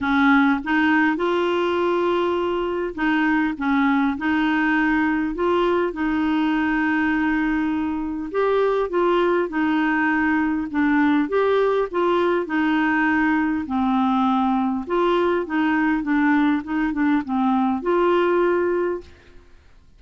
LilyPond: \new Staff \with { instrumentName = "clarinet" } { \time 4/4 \tempo 4 = 101 cis'4 dis'4 f'2~ | f'4 dis'4 cis'4 dis'4~ | dis'4 f'4 dis'2~ | dis'2 g'4 f'4 |
dis'2 d'4 g'4 | f'4 dis'2 c'4~ | c'4 f'4 dis'4 d'4 | dis'8 d'8 c'4 f'2 | }